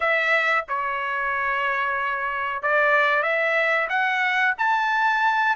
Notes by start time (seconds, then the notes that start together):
0.00 E5
0.68 C#5
2.62 D5
3.22 E5
3.89 F#5
4.58 A5